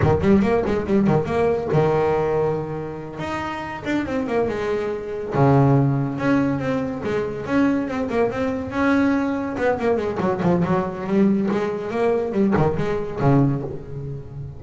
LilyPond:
\new Staff \with { instrumentName = "double bass" } { \time 4/4 \tempo 4 = 141 dis8 g8 ais8 gis8 g8 dis8 ais4 | dis2.~ dis8 dis'8~ | dis'4 d'8 c'8 ais8 gis4.~ | gis8 cis2 cis'4 c'8~ |
c'8 gis4 cis'4 c'8 ais8 c'8~ | c'8 cis'2 b8 ais8 gis8 | fis8 f8 fis4 g4 gis4 | ais4 g8 dis8 gis4 cis4 | }